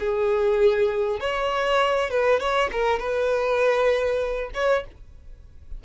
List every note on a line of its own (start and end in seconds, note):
0.00 1.20 G#4
1.20 2.11 C#5
2.11 2.40 B4
2.40 2.70 C#5
2.72 2.99 A#4
2.99 4.51 B4
4.54 4.85 C#5